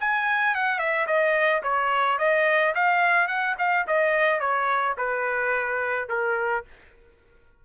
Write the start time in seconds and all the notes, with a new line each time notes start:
0.00 G#5
0.54 F#5
0.79 E5
1.07 D#5
1.62 C#5
2.18 D#5
2.74 F5
3.27 F#5
3.58 F5
3.87 D#5
4.40 C#5
4.97 B4
6.08 A#4